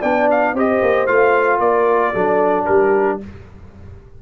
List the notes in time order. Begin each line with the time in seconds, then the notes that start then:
0.00 B3 D4 D5 G5
0.31 F5
0.54 C4 G4 C5 D#5
0.82 A#3
1.07 A3 F4 F5
1.59 A#3 A#4 D5
2.12 F#3 D4 A4
2.66 G3 G4 A#4